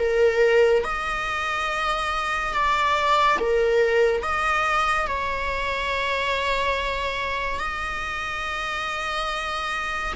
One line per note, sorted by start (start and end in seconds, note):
0.00 0.85 A#4
0.85 2.54 D#5
2.54 3.38 D5
3.40 4.23 A#4
4.23 5.07 D#5
5.07 7.60 C#5
7.60 10.13 D#5